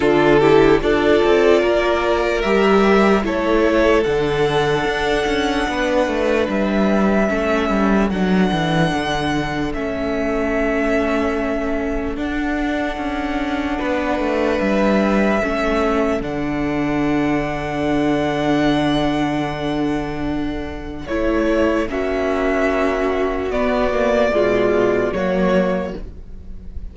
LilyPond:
<<
  \new Staff \with { instrumentName = "violin" } { \time 4/4 \tempo 4 = 74 a'4 d''2 e''4 | cis''4 fis''2. | e''2 fis''2 | e''2. fis''4~ |
fis''2 e''2 | fis''1~ | fis''2 cis''4 e''4~ | e''4 d''2 cis''4 | }
  \new Staff \with { instrumentName = "violin" } { \time 4/4 f'8 g'8 a'4 ais'2 | a'2. b'4~ | b'4 a'2.~ | a'1~ |
a'4 b'2 a'4~ | a'1~ | a'2. fis'4~ | fis'2 f'4 fis'4 | }
  \new Staff \with { instrumentName = "viola" } { \time 4/4 d'8 e'8 f'2 g'4 | e'4 d'2.~ | d'4 cis'4 d'2 | cis'2. d'4~ |
d'2. cis'4 | d'1~ | d'2 e'4 cis'4~ | cis'4 b8 ais8 gis4 ais4 | }
  \new Staff \with { instrumentName = "cello" } { \time 4/4 d4 d'8 c'8 ais4 g4 | a4 d4 d'8 cis'8 b8 a8 | g4 a8 g8 fis8 e8 d4 | a2. d'4 |
cis'4 b8 a8 g4 a4 | d1~ | d2 a4 ais4~ | ais4 b4 b,4 fis4 | }
>>